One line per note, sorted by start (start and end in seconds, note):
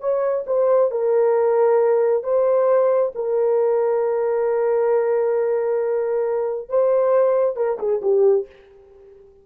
0.00 0.44 C#5
0.46 0.91 C5
0.91 2.23 A#4
2.23 3.12 C5
3.15 6.69 A#4
6.69 7.56 C5
7.56 7.78 A#4
7.79 8.01 G#4
8.01 8.46 G4